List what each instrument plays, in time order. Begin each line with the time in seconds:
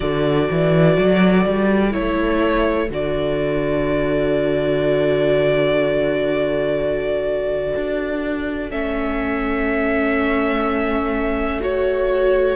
0.00 cello D3, viola F#4, violin A4 D5
0.50 cello E3
0.97 cello F#3
1.46 cello G3
1.91 cello A3, viola E4, violin C#5
2.89 cello D3, viola F#4, violin D5
7.76 cello D4
8.70 cello A3, viola C#4, violin E5
11.60 viola F#4, violin C#5